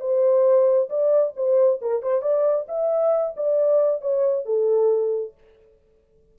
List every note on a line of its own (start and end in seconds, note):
0.00 0.89 C5
0.89 1.34 D5
1.36 1.80 C5
1.81 2.02 A#4
2.02 2.22 C5
2.22 2.66 D5
2.68 3.35 E5
3.36 4.01 D5
4.01 4.45 C#5
4.45 5.34 A4